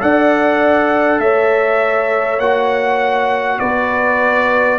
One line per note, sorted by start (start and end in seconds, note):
0.00 1.19 D4
0.00 2.40 A4
0.00 1.21 D5
0.00 1.20 F#5
1.19 2.39 A3
1.19 3.60 C#5
1.19 2.40 E5
2.39 3.59 A#3
2.39 4.79 F#4
2.39 3.60 F#5
3.60 4.79 B3
3.60 4.79 B4
3.60 4.79 D5